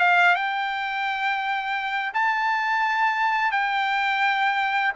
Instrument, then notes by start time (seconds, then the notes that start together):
trumpet
0.00 F5
0.35 G5
2.14 A5
3.51 G5